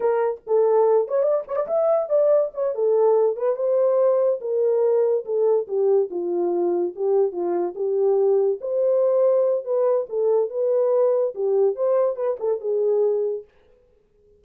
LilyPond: \new Staff \with { instrumentName = "horn" } { \time 4/4 \tempo 4 = 143 ais'4 a'4. cis''8 d''8 cis''16 d''16 | e''4 d''4 cis''8 a'4. | b'8 c''2 ais'4.~ | ais'8 a'4 g'4 f'4.~ |
f'8 g'4 f'4 g'4.~ | g'8 c''2~ c''8 b'4 | a'4 b'2 g'4 | c''4 b'8 a'8 gis'2 | }